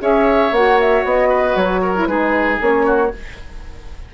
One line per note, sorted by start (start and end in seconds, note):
0.00 0.51 C#4
0.00 0.52 G#4
0.00 1.29 C#5
0.00 0.54 E5
0.51 1.03 A#3
0.51 1.95 F#4
0.51 0.80 F#5
0.80 1.06 E5
1.04 1.55 B3
1.04 1.56 D#5
1.29 1.81 B4
1.55 2.07 F#3
1.55 2.06 C#5
1.82 2.08 A#4
1.95 2.08 E4
2.06 2.59 G#3
2.06 2.60 D#4
2.06 2.86 G#4
2.06 2.58 B4
2.60 3.13 A#3
2.60 3.11 C#4
2.60 3.14 C#5
2.86 3.12 F#4